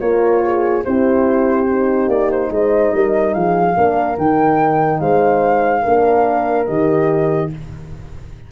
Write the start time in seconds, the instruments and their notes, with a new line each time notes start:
0.00 tuba A#3, horn F4 A#4, flute C#5
0.44 horn G#4
0.84 tuba C4, horn E4 G4, flute C5
1.69 horn D#4
2.08 tuba A#3, flute D5
2.31 flute C5
2.50 tuba G#3, horn C5, flute D#5
2.93 tuba G3, horn A#4
3.34 tuba F3, horn G#4, flute F5
3.76 tuba A#3, horn D4 A#4
4.18 tuba D#3, horn D#4, flute G5
5.00 tuba G#3, horn C5, flute F5
5.82 tuba A#3, horn D4 A#4
6.66 tuba D#3, horn G4, flute D#5